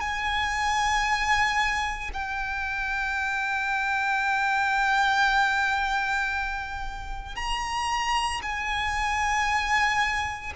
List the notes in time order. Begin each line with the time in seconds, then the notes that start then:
0.00 G#5
2.13 G5
7.36 A#5
8.42 G#5